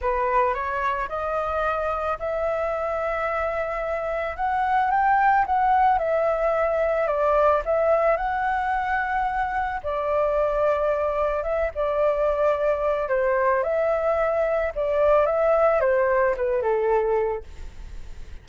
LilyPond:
\new Staff \with { instrumentName = "flute" } { \time 4/4 \tempo 4 = 110 b'4 cis''4 dis''2 | e''1 | fis''4 g''4 fis''4 e''4~ | e''4 d''4 e''4 fis''4~ |
fis''2 d''2~ | d''4 e''8 d''2~ d''8 | c''4 e''2 d''4 | e''4 c''4 b'8 a'4. | }